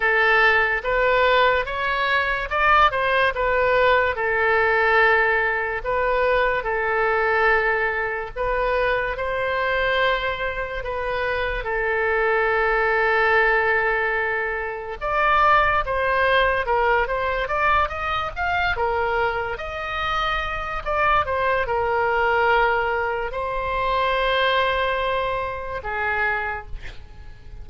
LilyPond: \new Staff \with { instrumentName = "oboe" } { \time 4/4 \tempo 4 = 72 a'4 b'4 cis''4 d''8 c''8 | b'4 a'2 b'4 | a'2 b'4 c''4~ | c''4 b'4 a'2~ |
a'2 d''4 c''4 | ais'8 c''8 d''8 dis''8 f''8 ais'4 dis''8~ | dis''4 d''8 c''8 ais'2 | c''2. gis'4 | }